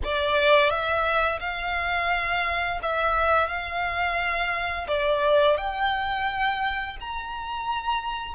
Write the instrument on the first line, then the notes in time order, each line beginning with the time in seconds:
violin
0.03 D5
0.69 E5
1.40 F5
2.82 E5
3.47 F5
4.87 D5
5.57 G5
7.00 A#5